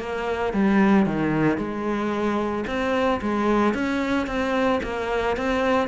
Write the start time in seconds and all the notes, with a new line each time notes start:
0.00 A#3
0.53 G3
1.06 D#3
1.58 G#3
2.67 C4
3.22 G#3
3.74 C#4
4.27 C4
4.83 A#3
5.37 C4